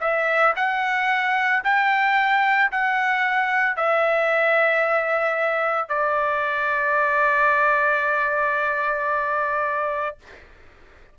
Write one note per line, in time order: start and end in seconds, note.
0.00 0.54 E5
0.56 1.63 F#5
1.64 2.71 G5
2.72 3.76 F#5
3.76 5.88 E5
5.88 10.17 D5